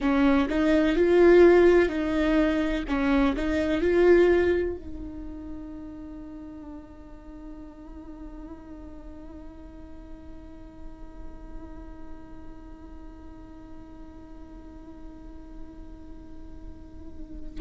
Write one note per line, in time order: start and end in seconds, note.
0.00 0.48 C#4
0.48 0.95 D#4
0.95 1.88 F4
1.88 2.84 D#4
2.88 3.35 C#4
3.35 3.81 D#4
3.81 4.76 F4
4.76 17.61 D#4